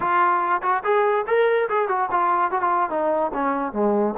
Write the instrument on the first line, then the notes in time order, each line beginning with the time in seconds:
trombone
0.00 F4
0.62 F#4
0.84 G#4
1.27 A#4
1.69 G#4
1.88 F#4
2.11 F4
2.51 F#4
2.61 F4
2.90 D#4
3.33 C#4
3.73 G#3